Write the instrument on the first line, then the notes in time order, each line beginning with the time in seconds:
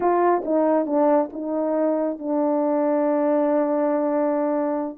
horn
0.00 F4
0.44 D#4
0.86 D4
1.32 D#4
2.18 D4